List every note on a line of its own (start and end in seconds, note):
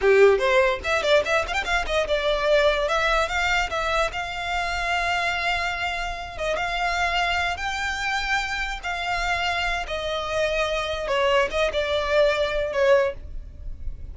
0.01 0.38 G4
0.38 0.79 C5
0.84 1.02 E5
1.02 1.23 D5
1.25 1.45 E5
1.47 1.53 F5
1.53 1.63 G5
1.64 1.85 F5
1.86 2.07 D#5
2.07 2.88 D5
2.88 3.28 E5
3.28 3.69 F5
3.69 4.11 E5
4.12 6.37 F5
6.37 6.56 D#5
6.56 7.56 F5
7.56 8.80 G5
8.83 9.86 F5
9.87 11.07 D#5
11.07 11.48 C#5
11.50 11.71 D#5
11.72 12.73 D5
12.73 13.14 C#5